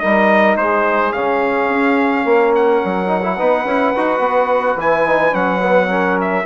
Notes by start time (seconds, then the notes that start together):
0.00 G3 D#4 A#4 D#5
0.57 G#3 G#4 C5
1.13 C#3 C#4 F5
1.70 C#4
2.25 A#3 A#4
2.56 F#5
2.85 F#3
3.07 D#4
3.23 E4
3.37 B3 D#4 B4
3.65 C#4 E4
3.96 D#4 F#4
4.20 B3
4.77 E3 E4 G#5
5.07 D#4
5.33 F#3 C#4 F#5
5.63 B3
5.89 C#4 A#4
6.21 E5